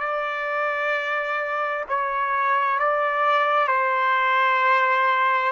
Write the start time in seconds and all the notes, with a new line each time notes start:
0.00 D5
1.89 C#5
2.79 D5
3.68 C5